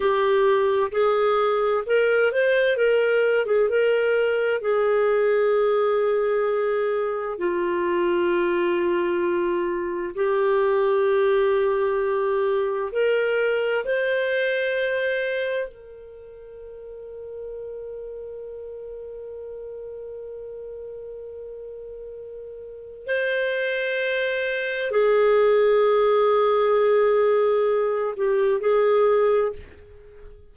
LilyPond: \new Staff \with { instrumentName = "clarinet" } { \time 4/4 \tempo 4 = 65 g'4 gis'4 ais'8 c''8 ais'8. gis'16 | ais'4 gis'2. | f'2. g'4~ | g'2 ais'4 c''4~ |
c''4 ais'2.~ | ais'1~ | ais'4 c''2 gis'4~ | gis'2~ gis'8 g'8 gis'4 | }